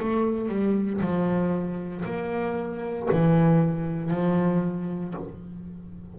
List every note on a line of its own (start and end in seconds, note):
0.00 0.49 A3
0.49 1.01 G3
1.01 2.05 F3
2.05 3.08 A#3
3.12 4.11 E3
4.11 5.14 F3